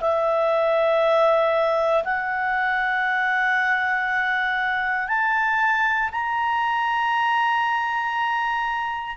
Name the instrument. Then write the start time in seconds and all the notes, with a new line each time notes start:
clarinet
0.00 E5
2.04 F#5
5.08 A5
6.11 A#5